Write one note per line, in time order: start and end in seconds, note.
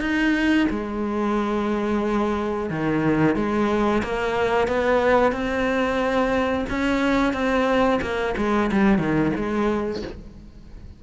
0.00 0.67 D#4
0.70 2.70 G#3
2.70 3.35 D#3
3.35 4.02 G#3
4.03 4.67 A#3
4.67 5.32 B3
5.32 6.65 C4
6.70 7.33 C#4
7.33 8.00 C4
8.01 8.35 A#3
8.37 8.70 G#3
8.71 8.98 G3
8.98 9.32 D#3
9.36 10.02 G#3